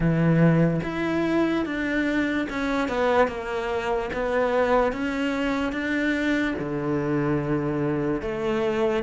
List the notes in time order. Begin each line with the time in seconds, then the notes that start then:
0.00 E3
0.83 E4
1.65 D4
2.49 C#4
2.88 B3
3.27 A#3
4.13 B3
4.92 C#4
5.72 D4
6.59 D3
8.21 A3